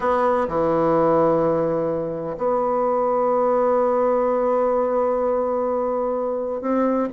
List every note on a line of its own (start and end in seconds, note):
0.00 0.47 B3
0.47 2.36 E3
2.37 6.61 B3
6.61 7.08 C4